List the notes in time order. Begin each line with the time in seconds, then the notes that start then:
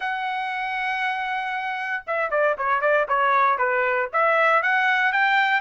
0.00 F#5
2.06 E5
2.30 D5
2.58 C#5
2.81 D5
3.08 C#5
3.58 B4
4.12 E5
4.62 F#5
5.12 G5